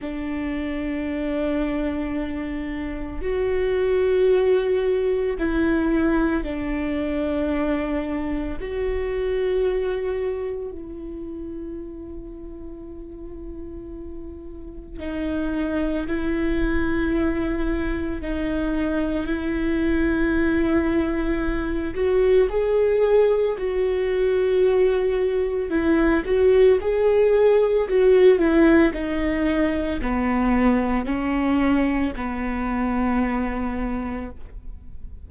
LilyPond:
\new Staff \with { instrumentName = "viola" } { \time 4/4 \tempo 4 = 56 d'2. fis'4~ | fis'4 e'4 d'2 | fis'2 e'2~ | e'2 dis'4 e'4~ |
e'4 dis'4 e'2~ | e'8 fis'8 gis'4 fis'2 | e'8 fis'8 gis'4 fis'8 e'8 dis'4 | b4 cis'4 b2 | }